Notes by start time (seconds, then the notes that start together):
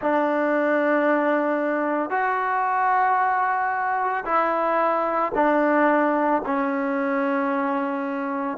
0.01 D4
2.09 F#4
4.24 E4
5.34 D4
6.45 C#4